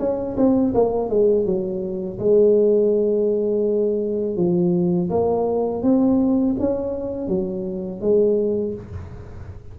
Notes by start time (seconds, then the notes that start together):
0.00 C#4
0.38 C4
0.75 A#3
1.10 G#3
1.46 F#3
2.20 G#3
4.37 F3
5.11 A#3
5.83 C4
6.60 C#4
7.28 F#3
8.02 G#3